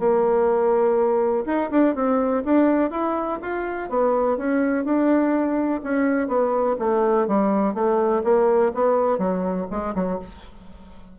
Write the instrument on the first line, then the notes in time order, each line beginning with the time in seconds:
bassoon
0.00 A#3
1.46 D#4
1.71 D4
1.96 C4
2.45 D4
2.91 E4
3.42 F4
3.90 B3
4.38 C#4
4.85 D4
5.84 C#4
6.28 B3
6.80 A3
7.28 G3
7.75 A3
8.24 A#3
8.74 B3
9.19 F#3
9.71 G#3
9.95 F#3